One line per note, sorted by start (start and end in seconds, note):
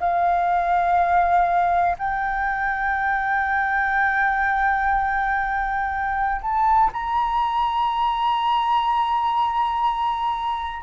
0.00 1.97 F5
1.99 6.42 G5
6.42 6.91 A5
6.93 10.83 A#5